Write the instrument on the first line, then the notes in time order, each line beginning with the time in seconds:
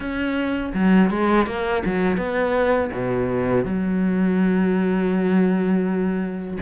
cello
0.00 C#4
0.74 F#3
1.10 G#3
1.46 A#3
1.85 F#3
2.17 B3
2.92 B2
3.64 F#3